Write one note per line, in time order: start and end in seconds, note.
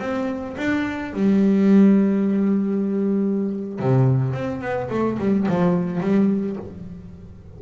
0.00 0.56 C4
0.57 1.13 D4
1.13 3.80 G3
3.80 4.34 C3
4.34 4.61 C4
4.61 4.89 B3
4.90 5.18 A3
5.19 5.47 G3
5.48 6.00 F3
6.00 6.56 G3